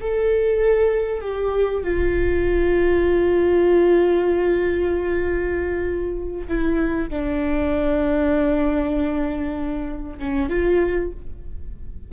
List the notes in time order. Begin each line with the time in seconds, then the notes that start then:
0.00 A4
1.21 G4
1.83 F4
6.48 E4
7.09 D4
10.19 C#4
10.49 F4